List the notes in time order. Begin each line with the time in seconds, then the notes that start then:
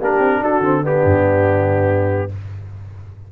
0.00 A#3 D4 G4 A#4
0.20 C4
0.41 D4 F#4 A4
0.60 D3 C4
0.83 B3 D4 G4
1.05 G2